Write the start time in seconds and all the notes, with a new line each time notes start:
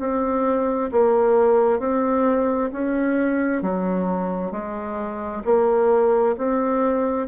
0.00 C4
0.92 A#3
1.79 C4
2.73 C#4
3.62 F#3
4.52 G#3
5.45 A#3
6.38 C4